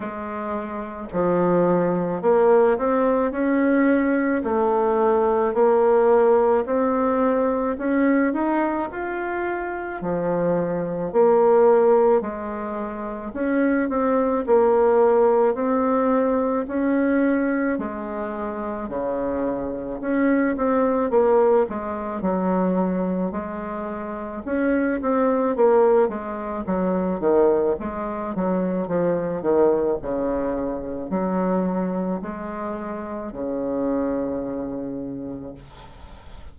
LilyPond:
\new Staff \with { instrumentName = "bassoon" } { \time 4/4 \tempo 4 = 54 gis4 f4 ais8 c'8 cis'4 | a4 ais4 c'4 cis'8 dis'8 | f'4 f4 ais4 gis4 | cis'8 c'8 ais4 c'4 cis'4 |
gis4 cis4 cis'8 c'8 ais8 gis8 | fis4 gis4 cis'8 c'8 ais8 gis8 | fis8 dis8 gis8 fis8 f8 dis8 cis4 | fis4 gis4 cis2 | }